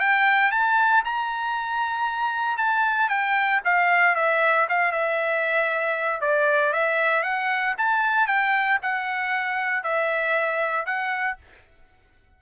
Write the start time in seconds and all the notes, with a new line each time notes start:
0.00 G5
0.52 A5
1.05 A#5
2.58 A5
3.09 G5
3.65 F5
4.16 E5
4.69 F5
4.92 E5
6.21 D5
6.73 E5
7.23 F#5
7.78 A5
8.27 G5
8.83 F#5
9.84 E5
10.86 F#5